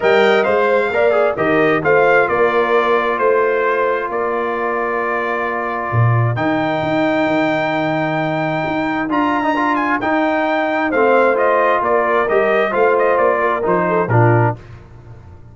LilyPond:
<<
  \new Staff \with { instrumentName = "trumpet" } { \time 4/4 \tempo 4 = 132 g''4 f''2 dis''4 | f''4 d''2 c''4~ | c''4 d''2.~ | d''2 g''2~ |
g''1 | ais''4. gis''8 g''2 | f''4 dis''4 d''4 dis''4 | f''8 dis''8 d''4 c''4 ais'4 | }
  \new Staff \with { instrumentName = "horn" } { \time 4/4 dis''4. c''8 d''4 ais'4 | c''4 ais'2 c''4~ | c''4 ais'2.~ | ais'1~ |
ais'1~ | ais'1 | c''2 ais'2 | c''4. ais'4 a'8 f'4 | }
  \new Staff \with { instrumentName = "trombone" } { \time 4/4 ais'4 c''4 ais'8 gis'8 g'4 | f'1~ | f'1~ | f'2 dis'2~ |
dis'1 | f'8. dis'16 f'4 dis'2 | c'4 f'2 g'4 | f'2 dis'4 d'4 | }
  \new Staff \with { instrumentName = "tuba" } { \time 4/4 g4 gis4 ais4 dis4 | a4 ais2 a4~ | a4 ais2.~ | ais4 ais,4 dis4 dis'4 |
dis2. dis'4 | d'2 dis'2 | a2 ais4 g4 | a4 ais4 f4 ais,4 | }
>>